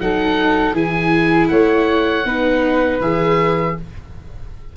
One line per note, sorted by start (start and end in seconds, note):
0.00 0.73 F#3
0.00 0.74 D#4
0.00 0.74 A4
0.00 0.76 F#5
0.73 1.48 E3
0.73 2.24 E4
0.73 1.49 G#4
0.73 1.48 G#5
1.48 2.25 A3
1.48 2.26 C#5
1.48 2.98 F#5
2.25 3.00 B3
2.25 3.01 D#4
2.25 3.76 B4
3.01 3.76 E3
3.01 3.77 G#4
3.01 3.77 E5